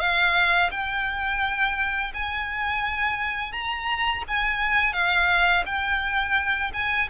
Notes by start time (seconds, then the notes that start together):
0.00 F5
0.72 G5
2.14 G#5
3.53 A#5
4.28 G#5
4.93 F5
5.66 G5
6.74 G#5